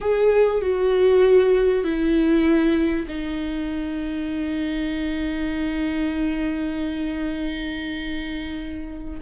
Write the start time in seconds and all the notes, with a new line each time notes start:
0.00 G#4
0.61 F#4
1.83 E4
3.08 D#4